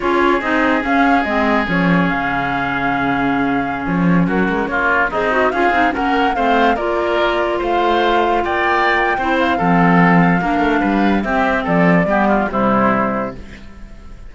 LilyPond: <<
  \new Staff \with { instrumentName = "flute" } { \time 4/4 \tempo 4 = 144 cis''4 dis''4 f''4 dis''4 | cis''4 f''2.~ | f''4~ f''16 cis''4 ais'4 cis''8.~ | cis''16 dis''4 f''4 fis''4 f''8.~ |
f''16 d''2 f''4.~ f''16~ | f''16 g''2~ g''16 f''4.~ | f''2. e''4 | d''2 c''2 | }
  \new Staff \with { instrumentName = "oboe" } { \time 4/4 gis'1~ | gis'1~ | gis'2~ gis'16 fis'4 f'8.~ | f'16 dis'4 gis'4 ais'4 c''8.~ |
c''16 ais'2 c''4.~ c''16~ | c''16 d''4.~ d''16 c''4 a'4~ | a'4 ais'4 b'4 g'4 | a'4 g'8 f'8 e'2 | }
  \new Staff \with { instrumentName = "clarinet" } { \time 4/4 f'4 dis'4 cis'4 c'4 | cis'1~ | cis'1~ | cis'16 gis'8 fis'8 f'8 dis'8 cis'4 c'8.~ |
c'16 f'2.~ f'8.~ | f'2 e'4 c'4~ | c'4 d'2 c'4~ | c'4 b4 g2 | }
  \new Staff \with { instrumentName = "cello" } { \time 4/4 cis'4 c'4 cis'4 gis4 | f4 cis2.~ | cis4~ cis16 f4 fis8 gis8 ais8.~ | ais16 c'4 cis'8 c'8 ais4 a8.~ |
a16 ais2 a4.~ a16~ | a16 ais4.~ ais16 c'4 f4~ | f4 ais8 a8 g4 c'4 | f4 g4 c2 | }
>>